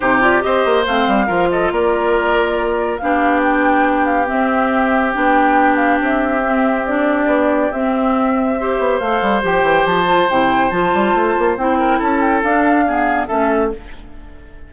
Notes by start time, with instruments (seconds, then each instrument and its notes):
0.00 bassoon C3, clarinet D#4, oboe G4, flute C5
0.20 clarinet F4, flute D5
0.40 bassoon C4, clarinet G4, oboe C5, flute D#5
0.65 bassoon A#3
0.86 bassoon A3, clarinet C4, flute F5
1.07 bassoon G3
1.26 bassoon F3, clarinet F4, oboe A#4
1.50 oboe A4, flute D#5
1.71 bassoon A#3, oboe A#4, flute D5
2.98 bassoon B3, clarinet D4, oboe G4, flute F5
3.43 flute G5
4.05 flute F5
4.26 clarinet C4, bassoon C4, flute E5
5.13 bassoon B3, clarinet D4, flute G5
5.76 flute F5
6.00 bassoon C4, flute E5
6.43 clarinet C4
6.86 clarinet D4, flute D5
7.26 bassoon B3
7.71 bassoon C4, clarinet C4, flute E5
8.59 clarinet G4, oboe C5
8.78 bassoon B3
8.99 bassoon A3, clarinet A4, flute F5
9.21 bassoon G3
9.42 bassoon F3, clarinet G4, flute G5
9.62 bassoon E3
9.85 bassoon F3, flute A5
10.05 clarinet F4
10.29 bassoon C3, clarinet E4, flute G5
10.70 bassoon F3, clarinet F4, flute A5
10.93 bassoon G3
11.14 bassoon A3
11.38 bassoon A#3
11.56 bassoon C4, clarinet E4, flute G5
11.79 oboe A#4
11.98 bassoon C#4, oboe A4, flute A5
12.20 flute G5
12.42 bassoon D4, clarinet D4, flute F5
12.86 clarinet B3, oboe G#4
13.27 bassoon A3, clarinet C#4, oboe A4, flute E5